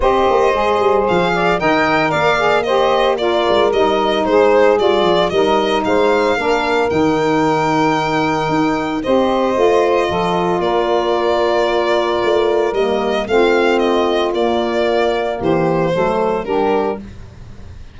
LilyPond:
<<
  \new Staff \with { instrumentName = "violin" } { \time 4/4 \tempo 4 = 113 dis''2 f''4 g''4 | f''4 dis''4 d''4 dis''4 | c''4 d''4 dis''4 f''4~ | f''4 g''2.~ |
g''4 dis''2. | d''1 | dis''4 f''4 dis''4 d''4~ | d''4 c''2 ais'4 | }
  \new Staff \with { instrumentName = "saxophone" } { \time 4/4 c''2~ c''8 d''8 dis''4 | d''4 c''4 ais'2 | gis'2 ais'4 c''4 | ais'1~ |
ais'4 c''2 a'4 | ais'1~ | ais'4 f'2.~ | f'4 g'4 a'4 g'4 | }
  \new Staff \with { instrumentName = "saxophone" } { \time 4/4 g'4 gis'2 ais'4~ | ais'8 gis'8 g'4 f'4 dis'4~ | dis'4 f'4 dis'2 | d'4 dis'2.~ |
dis'4 g'4 f'2~ | f'1 | ais4 c'2 ais4~ | ais2 a4 d'4 | }
  \new Staff \with { instrumentName = "tuba" } { \time 4/4 c'8 ais8 gis8 g8 f4 dis4 | ais2~ ais8 gis8 g4 | gis4 g8 f8 g4 gis4 | ais4 dis2. |
dis'4 c'4 a4 f4 | ais2. a4 | g4 a2 ais4~ | ais4 e4 fis4 g4 | }
>>